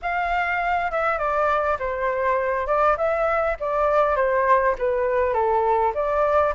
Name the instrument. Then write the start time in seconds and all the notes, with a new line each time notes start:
flute
0.02 F5
0.91 E5
1.18 D5
1.79 C5
2.67 D5
2.97 E5
3.60 D5
4.16 C5
4.78 B4
5.33 A4
5.94 D5